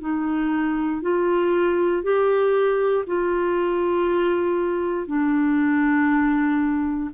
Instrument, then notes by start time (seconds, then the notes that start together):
clarinet
0.00 D#4
1.01 F4
2.02 G4
3.06 F4
5.07 D4